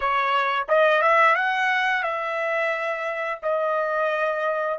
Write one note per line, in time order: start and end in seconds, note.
0.00 0.66 C#5
0.68 1.02 D#5
1.02 1.35 E5
1.35 2.03 F#5
2.03 3.39 E5
3.42 4.78 D#5